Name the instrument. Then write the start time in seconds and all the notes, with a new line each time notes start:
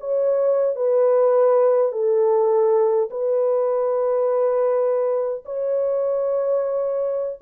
horn
0.00 C#5
0.75 B4
1.92 A4
3.10 B4
5.45 C#5